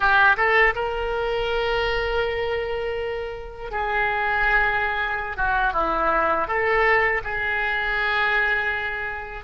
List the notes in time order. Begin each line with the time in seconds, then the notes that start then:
0.00 G4
0.36 A4
0.75 A#4
3.71 G#4
5.36 F#4
5.73 E4
6.47 A4
7.24 G#4